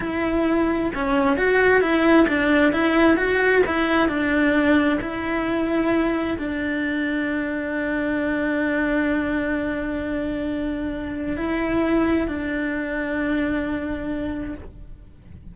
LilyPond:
\new Staff \with { instrumentName = "cello" } { \time 4/4 \tempo 4 = 132 e'2 cis'4 fis'4 | e'4 d'4 e'4 fis'4 | e'4 d'2 e'4~ | e'2 d'2~ |
d'1~ | d'1~ | d'4 e'2 d'4~ | d'1 | }